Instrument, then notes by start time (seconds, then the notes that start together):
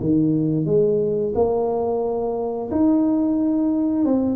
tuba
0.00 D#3
0.66 G#3
1.35 A#3
2.71 D#4
4.05 C4